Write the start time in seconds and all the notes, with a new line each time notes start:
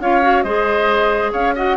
0.00 C#4 F4 C#5 F5
0.22 F#4
0.43 G#3 G#4 C5 D#5
1.32 C#4 C#5 F5
1.55 F#4 D#5 F#5